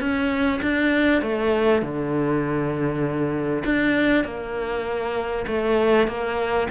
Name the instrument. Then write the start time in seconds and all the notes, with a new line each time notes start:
cello
0.00 C#4
0.62 D4
1.22 A3
1.82 D3
3.66 D4
4.25 A#3
5.47 A3
6.07 A#3